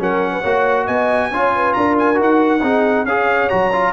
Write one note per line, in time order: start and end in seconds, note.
0.00 0.44 F#3
0.00 0.44 C#4
0.00 0.33 A#4
0.00 0.87 F#5
0.33 0.41 B4
0.41 0.88 A#3
0.41 1.32 F#4
0.41 0.85 C#5
0.86 1.31 B3
0.86 1.30 D#5
0.86 1.74 G#5
1.31 1.75 C#4
1.31 2.15 F4
1.31 1.53 C#5
1.55 1.77 B4
1.74 2.20 D4
1.74 2.62 A#4
1.74 1.95 A#5
1.99 2.21 G#5
2.15 2.63 D#4
2.15 2.59 F#4
2.22 3.06 F#5
2.62 3.05 C4
2.62 3.07 D#4
2.62 3.06 G#4
3.05 3.49 C#4
3.05 3.50 G#4
3.05 3.94 C#5
3.05 3.50 F5
3.50 3.94 F#3
3.50 3.72 F#4
3.50 3.93 A#5
3.73 3.94 F4